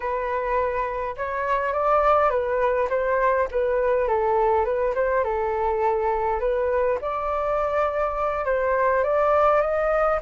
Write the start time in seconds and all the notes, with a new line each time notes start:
0.00 B4
1.17 C#5
1.73 D5
2.30 B4
2.89 C5
3.51 B4
4.08 A4
4.64 B4
4.95 C5
5.24 A4
6.39 B4
7.01 D5
8.45 C5
9.03 D5
9.61 D#5